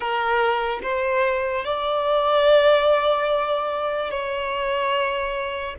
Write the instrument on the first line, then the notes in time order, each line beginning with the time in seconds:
violin
0.00 A#4
0.83 C5
1.64 D5
4.10 C#5